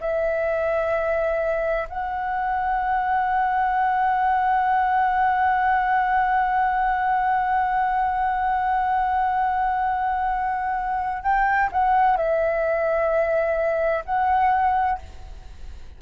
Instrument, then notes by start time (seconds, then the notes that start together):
flute
0.00 E5
1.89 F#5
11.22 G5
11.71 F#5
12.17 E5
14.05 F#5